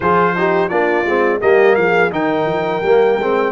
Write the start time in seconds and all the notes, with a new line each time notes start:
0.00 F3 F4 G#4 C5
0.36 D#4 G4
0.68 A#3 D4 F4 D5
1.05 G#3 C4
1.40 G3 A#3 G4 D#5
1.75 F3 G#4 F5
2.11 D#3 D#4 A#4 G5
2.46 F3
2.82 G3 A#3
3.18 G#3 C4